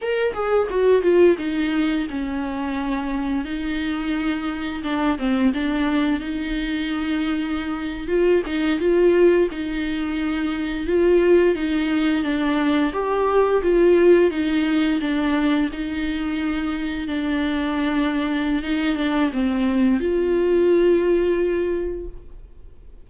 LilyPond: \new Staff \with { instrumentName = "viola" } { \time 4/4 \tempo 4 = 87 ais'8 gis'8 fis'8 f'8 dis'4 cis'4~ | cis'4 dis'2 d'8 c'8 | d'4 dis'2~ dis'8. f'16~ | f'16 dis'8 f'4 dis'2 f'16~ |
f'8. dis'4 d'4 g'4 f'16~ | f'8. dis'4 d'4 dis'4~ dis'16~ | dis'8. d'2~ d'16 dis'8 d'8 | c'4 f'2. | }